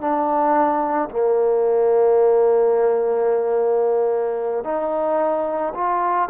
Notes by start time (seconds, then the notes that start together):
0.00 D4
1.11 A#3
4.64 D#4
5.74 F4